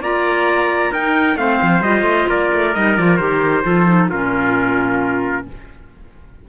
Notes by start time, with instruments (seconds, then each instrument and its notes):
0.00 cello A#3, clarinet F4, trumpet D5 A#5
0.90 cello D#4, clarinet D#4, trumpet A#4 G5
1.36 cello A3, clarinet C4, trumpet C5 F5
1.62 cello F3
1.81 cello G3, clarinet F4, trumpet D#5
2.02 cello A3
2.29 cello A#3, trumpet A#4 D5
2.53 cello A3
2.75 cello G3, clarinet D#4, trumpet D#5
2.97 cello F3, clarinet F4, trumpet D5
3.17 cello D#3, clarinet G4, trumpet C5
3.64 cello F3, clarinet F4, trumpet A4
3.87 clarinet D#4
4.10 cello A#2, clarinet C#4, trumpet F4 A#4